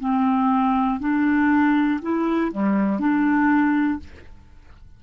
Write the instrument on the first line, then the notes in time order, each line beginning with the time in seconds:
clarinet
0.00 C4
1.00 D4
2.02 E4
2.51 G3
2.99 D4